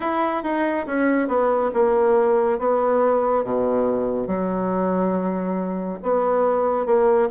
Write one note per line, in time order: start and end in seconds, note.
0.00 0.43 E4
0.43 0.86 D#4
0.86 1.28 C#4
1.28 1.71 B3
1.73 2.58 A#3
2.58 3.44 B3
3.44 4.27 B2
4.27 5.98 F#3
6.02 6.86 B3
6.86 7.29 A#3